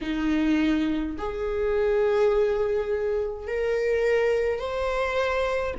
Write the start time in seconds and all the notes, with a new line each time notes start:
0.01 D#4
1.18 G#4
3.47 A#4
4.58 C5